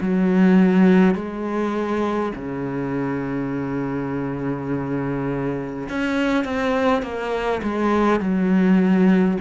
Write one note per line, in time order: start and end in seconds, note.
0.00 1.14 F#3
1.14 2.32 G#3
2.35 5.88 C#3
5.89 6.44 C#4
6.44 7.02 C4
7.02 7.61 A#3
7.63 8.20 G#3
8.20 9.37 F#3